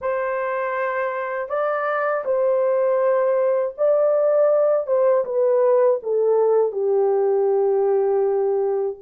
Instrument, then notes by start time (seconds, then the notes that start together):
horn
0.01 C5
1.49 D5
2.24 C5
3.77 D5
4.86 C5
5.25 B4
6.02 A4
6.71 G4